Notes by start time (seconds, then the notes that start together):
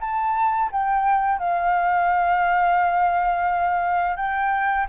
0.00 A5
0.72 G5
1.39 F5
4.16 G5